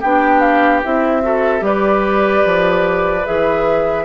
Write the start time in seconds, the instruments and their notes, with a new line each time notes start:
0.00 bassoon B3, clarinet D4, oboe G4, flute G5
0.40 flute F5
0.84 bassoon C4, clarinet E4, flute E5
1.22 clarinet F#4, oboe A4
1.59 bassoon G3, clarinet G4, flute D5
1.65 oboe B4
2.45 bassoon F3
3.25 bassoon E3, clarinet G#4, flute E5